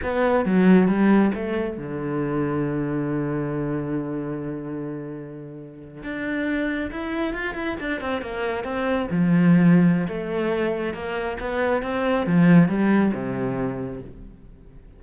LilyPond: \new Staff \with { instrumentName = "cello" } { \time 4/4 \tempo 4 = 137 b4 fis4 g4 a4 | d1~ | d1~ | d4.~ d16 d'2 e'16~ |
e'8. f'8 e'8 d'8 c'8 ais4 c'16~ | c'8. f2~ f16 a4~ | a4 ais4 b4 c'4 | f4 g4 c2 | }